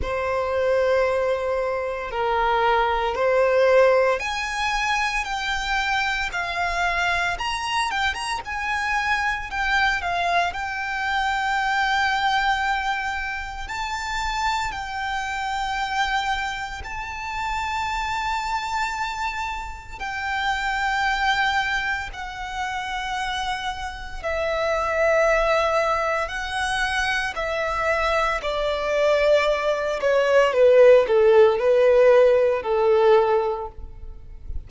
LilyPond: \new Staff \with { instrumentName = "violin" } { \time 4/4 \tempo 4 = 57 c''2 ais'4 c''4 | gis''4 g''4 f''4 ais''8 g''16 ais''16 | gis''4 g''8 f''8 g''2~ | g''4 a''4 g''2 |
a''2. g''4~ | g''4 fis''2 e''4~ | e''4 fis''4 e''4 d''4~ | d''8 cis''8 b'8 a'8 b'4 a'4 | }